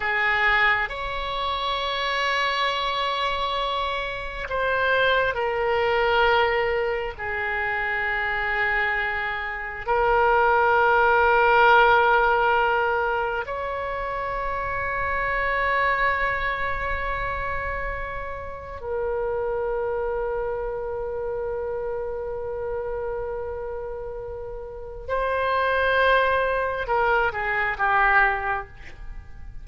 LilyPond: \new Staff \with { instrumentName = "oboe" } { \time 4/4 \tempo 4 = 67 gis'4 cis''2.~ | cis''4 c''4 ais'2 | gis'2. ais'4~ | ais'2. cis''4~ |
cis''1~ | cis''4 ais'2.~ | ais'1 | c''2 ais'8 gis'8 g'4 | }